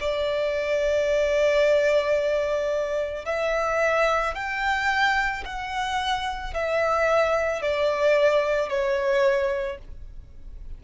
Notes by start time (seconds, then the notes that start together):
0.00 D5
3.26 E5
4.35 G5
5.45 F#5
6.54 E5
7.62 D5
8.69 C#5